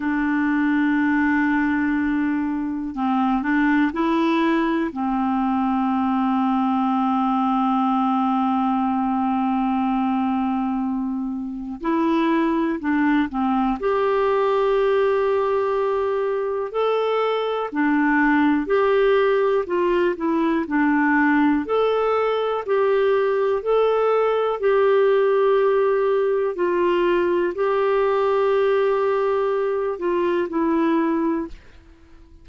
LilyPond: \new Staff \with { instrumentName = "clarinet" } { \time 4/4 \tempo 4 = 61 d'2. c'8 d'8 | e'4 c'2.~ | c'1 | e'4 d'8 c'8 g'2~ |
g'4 a'4 d'4 g'4 | f'8 e'8 d'4 a'4 g'4 | a'4 g'2 f'4 | g'2~ g'8 f'8 e'4 | }